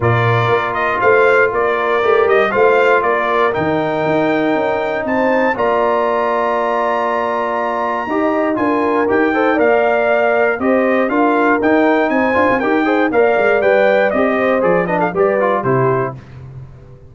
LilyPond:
<<
  \new Staff \with { instrumentName = "trumpet" } { \time 4/4 \tempo 4 = 119 d''4. dis''8 f''4 d''4~ | d''8 dis''8 f''4 d''4 g''4~ | g''2 a''4 ais''4~ | ais''1~ |
ais''4 gis''4 g''4 f''4~ | f''4 dis''4 f''4 g''4 | gis''4 g''4 f''4 g''4 | dis''4 d''8 dis''16 f''16 d''4 c''4 | }
  \new Staff \with { instrumentName = "horn" } { \time 4/4 ais'2 c''4 ais'4~ | ais'4 c''4 ais'2~ | ais'2 c''4 d''4~ | d''1 |
dis''4 ais'4. c''8 d''4~ | d''4 c''4 ais'2 | c''4 ais'8 c''8 d''2~ | d''8 c''4 b'16 a'16 b'4 g'4 | }
  \new Staff \with { instrumentName = "trombone" } { \time 4/4 f'1 | g'4 f'2 dis'4~ | dis'2. f'4~ | f'1 |
g'4 f'4 g'8 a'8 ais'4~ | ais'4 g'4 f'4 dis'4~ | dis'8 f'8 g'8 gis'8 ais'4 b'4 | g'4 gis'8 d'8 g'8 f'8 e'4 | }
  \new Staff \with { instrumentName = "tuba" } { \time 4/4 ais,4 ais4 a4 ais4 | a8 g8 a4 ais4 dis4 | dis'4 cis'4 c'4 ais4~ | ais1 |
dis'4 d'4 dis'4 ais4~ | ais4 c'4 d'4 dis'4 | c'8 d'16 c'16 dis'4 ais8 gis8 g4 | c'4 f4 g4 c4 | }
>>